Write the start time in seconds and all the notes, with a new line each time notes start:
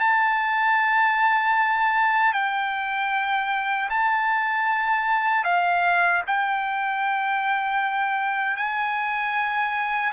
0.00 A5
2.33 G5
3.90 A5
5.45 F5
6.28 G5
8.57 G#5